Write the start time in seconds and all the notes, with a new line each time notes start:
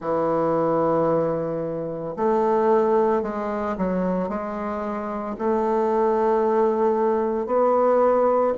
0.00 E3
2.16 A3
3.22 G#3
3.77 F#3
4.29 G#3
5.38 A3
7.46 B3